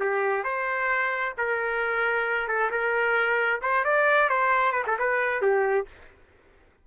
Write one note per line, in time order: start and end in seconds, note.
0.00 0.44 G4
0.44 1.34 C5
1.38 2.48 A#4
2.48 2.71 A4
2.71 3.61 A#4
3.62 3.84 C5
3.84 4.29 D5
4.29 4.72 C5
4.72 4.84 B4
4.87 4.98 A4
4.99 5.42 B4
5.42 5.87 G4